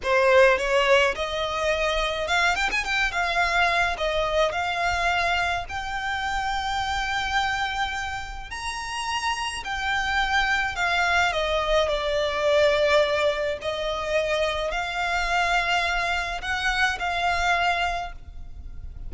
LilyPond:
\new Staff \with { instrumentName = "violin" } { \time 4/4 \tempo 4 = 106 c''4 cis''4 dis''2 | f''8 g''16 gis''16 g''8 f''4. dis''4 | f''2 g''2~ | g''2. ais''4~ |
ais''4 g''2 f''4 | dis''4 d''2. | dis''2 f''2~ | f''4 fis''4 f''2 | }